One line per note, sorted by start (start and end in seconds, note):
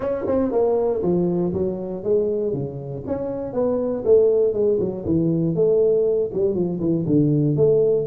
0.00 0.25 C#4
0.26 0.51 C4
0.51 1.02 A#3
1.02 1.52 F3
1.53 2.03 F#3
2.03 2.53 G#3
2.53 3.03 C#3
3.06 3.53 C#4
3.53 4.03 B3
4.05 4.53 A3
4.53 4.78 G#3
4.79 5.04 F#3
5.05 5.55 E3
5.55 6.30 A3
6.33 6.54 G3
6.54 6.79 F3
6.80 7.05 E3
7.06 7.56 D3
7.56 8.07 A3